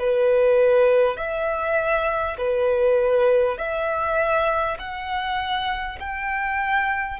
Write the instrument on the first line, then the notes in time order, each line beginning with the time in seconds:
violin
0.00 B4
1.17 E5
2.39 B4
3.58 E5
4.79 F#5
6.00 G5